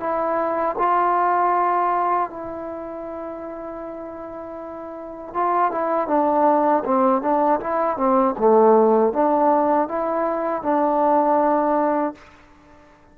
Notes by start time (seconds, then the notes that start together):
0.00 E4
0.78 F4
2.30 E4
5.34 F4
5.71 E4
6.08 D4
6.85 C4
7.22 D4
7.60 E4
7.97 C4
8.38 A3
9.13 D4
9.88 E4
10.63 D4